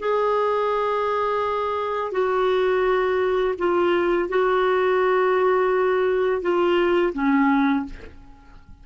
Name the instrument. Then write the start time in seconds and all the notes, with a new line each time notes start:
clarinet
0.00 G#4
2.12 F#4
3.58 F4
4.29 F#4
6.42 F4
7.13 C#4